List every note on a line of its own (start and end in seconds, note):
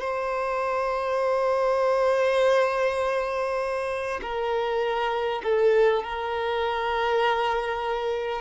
0.00 4.20 C5
4.22 5.42 A#4
5.43 6.03 A4
6.03 8.41 A#4